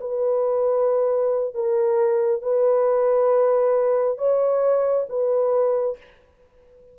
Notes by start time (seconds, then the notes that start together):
0.00 B4
1.54 A#4
2.41 B4
4.18 C#5
5.09 B4